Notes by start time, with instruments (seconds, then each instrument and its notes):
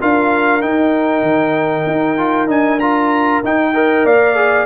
0.00 tuba D4, trombone F4, horn A#4, trumpet F5
0.62 trombone D#4, tuba D#4, trumpet G5
1.22 tuba D#3
1.86 tuba D#4
2.18 trombone F4
2.47 tuba D4, trombone D#4, trumpet G#5
2.80 trombone F4, trumpet A#5
3.43 tuba D#4, trombone D#4, trumpet G5
3.74 trombone A#4, horn D#5
4.05 tuba A#3, horn D5, trumpet F5
4.35 trombone G#4